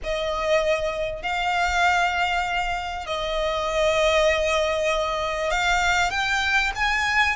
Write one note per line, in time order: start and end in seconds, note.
0.03 1.22 D#5
1.22 3.06 F5
3.06 5.50 D#5
5.50 6.10 F5
6.10 6.71 G5
6.75 7.36 G#5